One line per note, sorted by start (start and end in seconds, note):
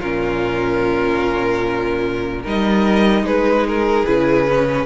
0.00 2.45 A#2
0.00 2.45 C#4
0.00 2.43 F4
0.00 2.44 A#4
2.43 3.23 G3
2.43 4.07 D#4
2.43 3.24 A#4
2.43 3.27 D#5
3.23 4.04 G#3
3.23 4.86 G#4
3.23 3.67 B4
3.68 4.06 A#4
4.06 4.86 C#3
4.06 4.48 E4
4.06 4.86 B4
4.48 4.86 C#4